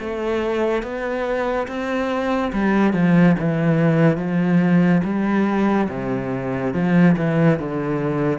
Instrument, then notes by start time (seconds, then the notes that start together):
cello
0.00 A3
0.83 B3
1.68 C4
2.53 G3
2.93 F3
3.39 E3
4.17 F3
5.04 G3
5.89 C3
6.74 F3
7.17 E3
7.59 D3